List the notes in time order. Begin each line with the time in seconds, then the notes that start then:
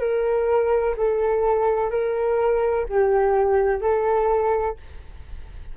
0.00 A#4
0.97 A4
1.91 A#4
2.89 G4
3.81 A4